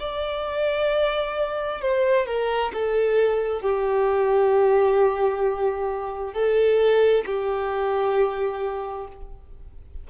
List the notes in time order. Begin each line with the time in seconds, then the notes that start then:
0.00 D5
1.81 C5
2.27 A#4
2.74 A4
3.62 G4
6.34 A4
7.26 G4